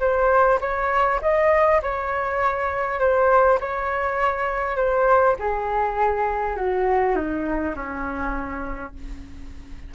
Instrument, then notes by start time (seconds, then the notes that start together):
flute
0.00 C5
0.61 C#5
1.22 D#5
1.82 C#5
3.00 C5
3.60 C#5
4.77 C5
5.39 G#4
6.56 F#4
7.16 D#4
7.76 C#4